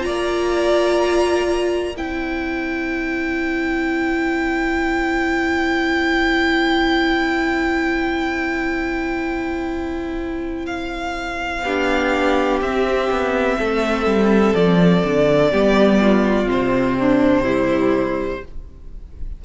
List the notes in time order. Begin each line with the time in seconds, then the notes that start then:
0.00 A#3 F4 D5 A#5
1.96 C4 E4 C5 G5
10.66 F5
11.64 B3 D4 G4
12.61 C4 E5
13.10 B3
13.58 A3 A4
14.06 G3
14.55 F3 D5
15.04 D3
15.50 G3 B3 G4
16.01 F4
16.45 C3 C4
16.51 C5
16.98 D4
17.44 G3 E4